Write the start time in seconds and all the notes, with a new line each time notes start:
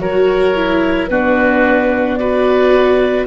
0.00 F#3 F#4 A#4 C#5
0.55 E4
1.08 B3 D4 F#4 B4
2.17 F#4 B4 D5